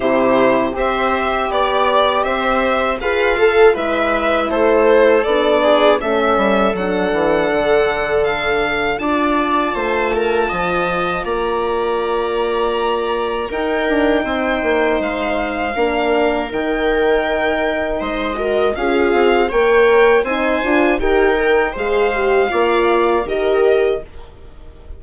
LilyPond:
<<
  \new Staff \with { instrumentName = "violin" } { \time 4/4 \tempo 4 = 80 c''4 e''4 d''4 e''4 | f''4 e''4 c''4 d''4 | e''4 fis''2 f''4 | a''2. ais''4~ |
ais''2 g''2 | f''2 g''2 | dis''4 f''4 g''4 gis''4 | g''4 f''2 dis''4 | }
  \new Staff \with { instrumentName = "viola" } { \time 4/4 g'4 c''4 d''4 c''4 | b'8 a'8 b'4 a'4. gis'8 | a'1 | d''4 c''8 ais'8 dis''4 d''4~ |
d''2 ais'4 c''4~ | c''4 ais'2. | c''8 ais'8 gis'4 cis''4 c''4 | ais'4 c''4 d''4 ais'4 | }
  \new Staff \with { instrumentName = "horn" } { \time 4/4 e'4 g'2. | gis'8 a'8 e'2 d'4 | cis'4 d'2. | f'1~ |
f'2 dis'2~ | dis'4 d'4 dis'2~ | dis'8 fis'8 f'4 ais'4 dis'8 f'8 | g'8 ais'8 gis'8 g'8 f'4 g'4 | }
  \new Staff \with { instrumentName = "bassoon" } { \time 4/4 c4 c'4 b4 c'4 | f'4 gis4 a4 b4 | a8 g8 fis8 e8 d2 | d'4 a4 f4 ais4~ |
ais2 dis'8 d'8 c'8 ais8 | gis4 ais4 dis2 | gis4 cis'8 c'8 ais4 c'8 d'8 | dis'4 gis4 ais4 dis4 | }
>>